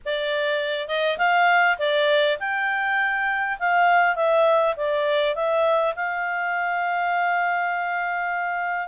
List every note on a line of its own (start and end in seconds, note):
0.05 0.87 D5
0.87 1.17 D#5
1.18 1.77 F5
1.78 2.38 D5
2.39 3.58 G5
3.59 4.15 F5
4.15 4.75 E5
4.76 5.35 D5
5.35 5.94 E5
5.95 8.88 F5